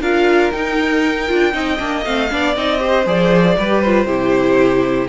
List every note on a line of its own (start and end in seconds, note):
0.00 0.51 D4
0.00 0.52 F4
0.00 1.53 A#4
0.00 0.52 F5
0.52 1.28 D#4
0.52 1.30 D#4
0.52 2.04 G5
1.28 1.54 D4
1.28 1.52 F4
1.52 1.79 C4
1.52 1.77 D#4
1.52 2.30 D#5
1.78 2.05 A#3
1.78 2.04 D4
2.04 2.31 A3
2.04 2.30 C4
2.04 2.55 F5
2.30 2.56 B3
2.30 2.55 D4
2.30 2.80 D5
2.56 3.06 C4
2.56 2.78 D#4
2.56 3.07 D#5
2.78 3.04 G4
2.78 3.56 C5
3.06 3.57 F3
3.06 3.57 G#4
3.06 3.81 D5
3.58 4.05 G3
3.58 3.84 G4
3.58 4.06 B4
3.81 4.07 F4
3.81 5.08 C5
4.05 5.06 C3
4.05 5.08 E4
4.05 5.08 G4